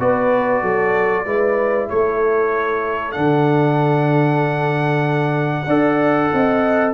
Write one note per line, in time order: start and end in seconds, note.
0.00 0.63 B3
0.00 1.26 F#4
0.00 0.62 B4
0.00 1.89 D5
0.62 1.26 F#3
0.62 1.26 A4
1.26 1.89 G#3
1.26 3.14 E4
1.26 1.89 B4
1.89 3.18 A3
1.89 5.67 A4
1.89 3.12 C#5
3.12 5.68 D3
3.12 5.66 D4
3.12 6.91 F#5
5.67 6.31 D4
5.67 6.94 A4
5.67 6.30 D5
6.33 6.94 C4
6.33 6.94 D#5